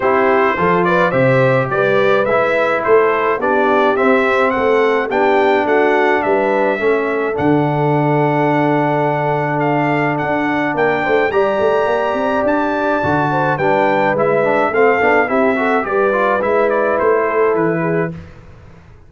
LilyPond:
<<
  \new Staff \with { instrumentName = "trumpet" } { \time 4/4 \tempo 4 = 106 c''4. d''8 e''4 d''4 | e''4 c''4 d''4 e''4 | fis''4 g''4 fis''4 e''4~ | e''4 fis''2.~ |
fis''4 f''4 fis''4 g''4 | ais''2 a''2 | g''4 e''4 f''4 e''4 | d''4 e''8 d''8 c''4 b'4 | }
  \new Staff \with { instrumentName = "horn" } { \time 4/4 g'4 a'8 b'8 c''4 b'4~ | b'4 a'4 g'2 | a'4 g'4 fis'4 b'4 | a'1~ |
a'2. ais'8 c''8 | d''2.~ d''8 c''8 | b'2 a'4 g'8 a'8 | b'2~ b'8 a'4 gis'8 | }
  \new Staff \with { instrumentName = "trombone" } { \time 4/4 e'4 f'4 g'2 | e'2 d'4 c'4~ | c'4 d'2. | cis'4 d'2.~ |
d'1 | g'2. fis'4 | d'4 e'8 d'8 c'8 d'8 e'8 fis'8 | g'8 f'8 e'2. | }
  \new Staff \with { instrumentName = "tuba" } { \time 4/4 c'4 f4 c4 g4 | gis4 a4 b4 c'4 | a4 b4 a4 g4 | a4 d2.~ |
d2 d'4 ais8 a8 | g8 a8 ais8 c'8 d'4 d4 | g4 gis4 a8 b8 c'4 | g4 gis4 a4 e4 | }
>>